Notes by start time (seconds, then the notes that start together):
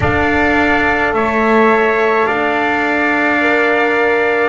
0.00 D4 A4 D5 F5
1.13 A3 C#5 E5
2.26 D4 D5 F5
3.41 A#4